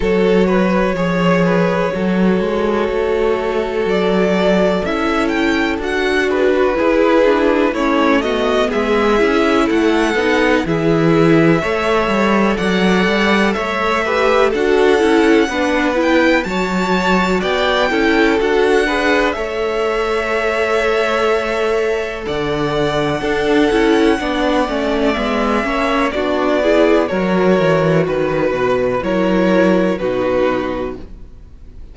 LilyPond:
<<
  \new Staff \with { instrumentName = "violin" } { \time 4/4 \tempo 4 = 62 cis''1 | d''4 e''8 g''8 fis''8 b'4. | cis''8 dis''8 e''4 fis''4 e''4~ | e''4 fis''4 e''4 fis''4~ |
fis''8 g''8 a''4 g''4 fis''4 | e''2. fis''4~ | fis''2 e''4 d''4 | cis''4 b'4 cis''4 b'4 | }
  \new Staff \with { instrumentName = "violin" } { \time 4/4 a'8 b'8 cis''8 b'8 a'2~ | a'2~ a'8 gis'16 fis'16 gis'4 | e'8 fis'8 gis'4 a'4 gis'4 | cis''4 d''4 cis''8 b'8 a'4 |
b'4 cis''4 d''8 a'4 b'8 | cis''2. d''4 | a'4 d''4. cis''8 fis'8 gis'8 | ais'4 b'4 ais'4 fis'4 | }
  \new Staff \with { instrumentName = "viola" } { \time 4/4 fis'4 gis'4 fis'2~ | fis'4 e'4 fis'4 e'8 d'8 | cis'8 b4 e'4 dis'8 e'4 | a'2~ a'8 g'8 fis'8 e'8 |
d'8 e'8 fis'4. e'8 fis'8 gis'8 | a'1 | d'8 e'8 d'8 cis'8 b8 cis'8 d'8 e'8 | fis'2 e'4 dis'4 | }
  \new Staff \with { instrumentName = "cello" } { \time 4/4 fis4 f4 fis8 gis8 a4 | fis4 cis'4 d'4 e'4 | a4 gis8 cis'8 a8 b8 e4 | a8 g8 fis8 g8 a4 d'8 cis'8 |
b4 fis4 b8 cis'8 d'4 | a2. d4 | d'8 cis'8 b8 a8 gis8 ais8 b4 | fis8 e8 dis8 b,8 fis4 b,4 | }
>>